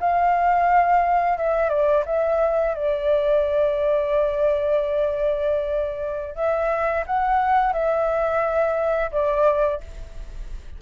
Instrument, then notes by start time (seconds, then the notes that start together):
flute
0.00 F5
1.38 E5
1.70 D5
2.06 E5
2.75 D5
6.35 E5
7.07 F#5
7.73 E5
9.12 D5